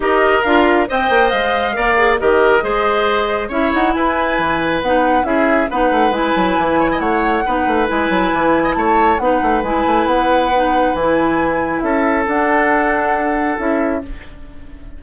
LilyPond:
<<
  \new Staff \with { instrumentName = "flute" } { \time 4/4 \tempo 4 = 137 dis''4 f''4 g''4 f''4~ | f''4 dis''2. | e''8 fis''8 gis''2 fis''4 | e''4 fis''4 gis''2 |
fis''2 gis''2 | a''4 fis''4 gis''4 fis''4~ | fis''4 gis''2 e''4 | fis''2. e''4 | }
  \new Staff \with { instrumentName = "oboe" } { \time 4/4 ais'2 dis''2 | d''4 ais'4 c''2 | cis''4 b'2. | gis'4 b'2~ b'8 cis''16 dis''16 |
cis''4 b'2~ b'8. dis''16 | cis''4 b'2.~ | b'2. a'4~ | a'1 | }
  \new Staff \with { instrumentName = "clarinet" } { \time 4/4 g'4 f'4 c''2 | ais'8 gis'8 g'4 gis'2 | e'2. dis'4 | e'4 dis'4 e'2~ |
e'4 dis'4 e'2~ | e'4 dis'4 e'2 | dis'4 e'2. | d'2. e'4 | }
  \new Staff \with { instrumentName = "bassoon" } { \time 4/4 dis'4 d'4 c'8 ais8 gis4 | ais4 dis4 gis2 | cis'8 dis'8 e'4 e4 b4 | cis'4 b8 a8 gis8 fis8 e4 |
a4 b8 a8 gis8 fis8 e4 | a4 b8 a8 gis8 a8 b4~ | b4 e2 cis'4 | d'2. cis'4 | }
>>